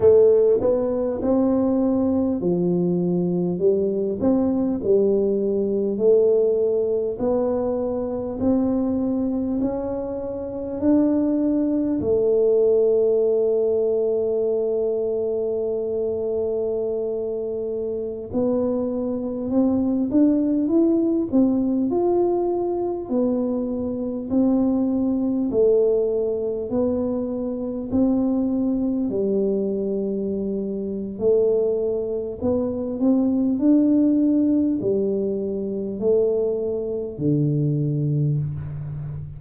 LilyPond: \new Staff \with { instrumentName = "tuba" } { \time 4/4 \tempo 4 = 50 a8 b8 c'4 f4 g8 c'8 | g4 a4 b4 c'4 | cis'4 d'4 a2~ | a2.~ a16 b8.~ |
b16 c'8 d'8 e'8 c'8 f'4 b8.~ | b16 c'4 a4 b4 c'8.~ | c'16 g4.~ g16 a4 b8 c'8 | d'4 g4 a4 d4 | }